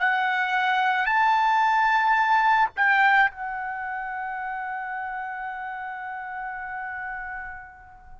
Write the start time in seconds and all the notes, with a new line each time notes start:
0.00 F#5
1.06 A5
2.77 G5
3.31 F#5